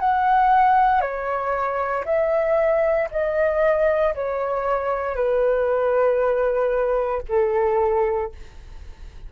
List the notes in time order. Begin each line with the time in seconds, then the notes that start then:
0.00 F#5
1.01 C#5
2.05 E5
3.11 D#5
4.14 C#5
5.15 B4
7.28 A4